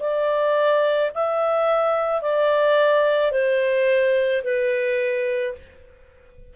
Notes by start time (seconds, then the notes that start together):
0.00 D5
1.15 E5
2.22 D5
3.31 C5
4.44 B4